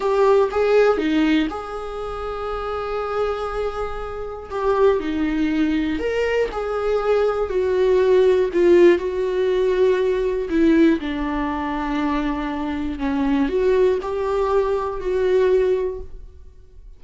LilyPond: \new Staff \with { instrumentName = "viola" } { \time 4/4 \tempo 4 = 120 g'4 gis'4 dis'4 gis'4~ | gis'1~ | gis'4 g'4 dis'2 | ais'4 gis'2 fis'4~ |
fis'4 f'4 fis'2~ | fis'4 e'4 d'2~ | d'2 cis'4 fis'4 | g'2 fis'2 | }